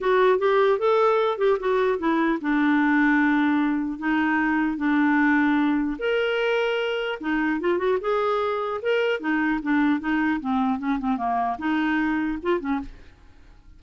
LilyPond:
\new Staff \with { instrumentName = "clarinet" } { \time 4/4 \tempo 4 = 150 fis'4 g'4 a'4. g'8 | fis'4 e'4 d'2~ | d'2 dis'2 | d'2. ais'4~ |
ais'2 dis'4 f'8 fis'8 | gis'2 ais'4 dis'4 | d'4 dis'4 c'4 cis'8 c'8 | ais4 dis'2 f'8 cis'8 | }